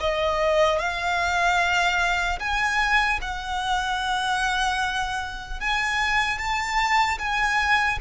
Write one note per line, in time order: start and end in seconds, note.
0.00 0.79 D#5
0.79 2.39 F5
2.39 3.19 G#5
3.21 5.60 F#5
5.60 6.38 G#5
6.38 7.18 A5
7.19 7.99 G#5